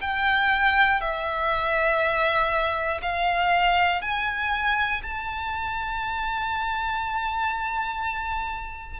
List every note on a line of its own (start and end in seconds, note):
0.00 1.00 G5
1.00 3.00 E5
3.02 4.01 F5
4.01 5.01 G#5
5.02 9.00 A5